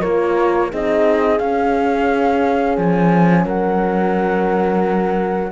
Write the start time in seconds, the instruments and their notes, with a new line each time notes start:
0.00 cello A#3, horn F4 A#4, flute C#5
0.71 cello C4, horn D#4 G#4, flute D#5
1.39 cello C#4, horn C#4, flute F5
2.77 cello F3, flute G#5
3.45 cello F#3, horn A#4, flute F#5